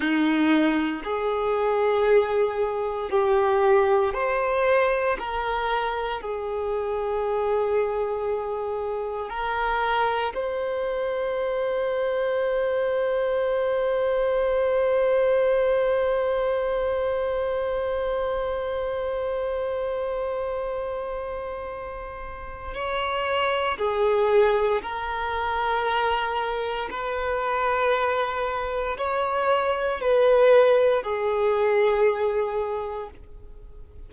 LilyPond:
\new Staff \with { instrumentName = "violin" } { \time 4/4 \tempo 4 = 58 dis'4 gis'2 g'4 | c''4 ais'4 gis'2~ | gis'4 ais'4 c''2~ | c''1~ |
c''1~ | c''2 cis''4 gis'4 | ais'2 b'2 | cis''4 b'4 gis'2 | }